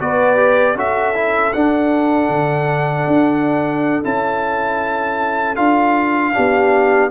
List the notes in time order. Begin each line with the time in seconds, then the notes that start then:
0.00 B3 F#4 B4 D5
0.36 G4
0.75 C#4 F#4 A4 E5
1.14 E4
1.53 D4 F#5
2.29 D3
3.07 D4
4.04 C#4 E4 A5
5.56 D4 F4 F5
6.33 B3 D4 G4